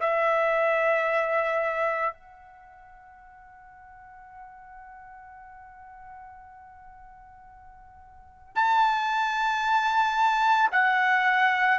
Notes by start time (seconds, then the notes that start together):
0.00 E5
2.13 F#5
8.55 A5
10.72 F#5